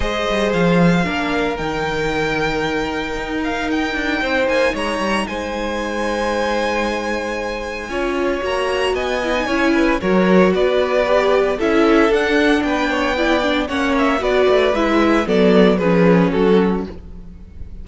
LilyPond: <<
  \new Staff \with { instrumentName = "violin" } { \time 4/4 \tempo 4 = 114 dis''4 f''2 g''4~ | g''2~ g''8 f''8 g''4~ | g''8 gis''8 ais''4 gis''2~ | gis''1 |
ais''4 gis''2 cis''4 | d''2 e''4 fis''4 | g''2 fis''8 e''8 d''4 | e''4 d''4 b'4 a'4 | }
  \new Staff \with { instrumentName = "violin" } { \time 4/4 c''2 ais'2~ | ais'1 | c''4 cis''4 c''2~ | c''2. cis''4~ |
cis''4 dis''4 cis''8 b'8 ais'4 | b'2 a'2 | b'8 cis''8 d''4 cis''4 b'4~ | b'4 a'4 gis'4 fis'4 | }
  \new Staff \with { instrumentName = "viola" } { \time 4/4 gis'2 d'4 dis'4~ | dis'1~ | dis'1~ | dis'2. f'4 |
fis'4. e'16 dis'16 e'4 fis'4~ | fis'4 g'4 e'4 d'4~ | d'4 e'8 d'8 cis'4 fis'4 | e'4 b4 cis'2 | }
  \new Staff \with { instrumentName = "cello" } { \time 4/4 gis8 g8 f4 ais4 dis4~ | dis2 dis'4. d'8 | c'8 ais8 gis8 g8 gis2~ | gis2. cis'4 |
ais4 b4 cis'4 fis4 | b2 cis'4 d'4 | b2 ais4 b8 a8 | gis4 fis4 f4 fis4 | }
>>